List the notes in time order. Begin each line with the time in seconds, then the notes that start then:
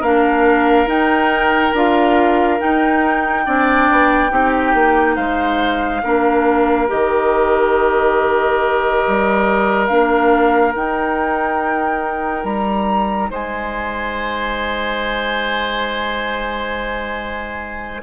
0.00 A#3 D4 A#4 F5
0.86 D#4 G5
1.73 D4 F4 F5
2.59 D#4 G5
3.46 C4 D4 D5
3.90 B3
4.29 C4 D#4 G4
4.74 A#3
5.15 G#3 C5 F5
6.03 A#3 D4 A#4
6.87 D#3 G4 D#5
9.07 G3
9.86 A#3 D4 F5
10.73 D#4 G5
12.44 G3 A#5
13.30 G#3 C5 G#5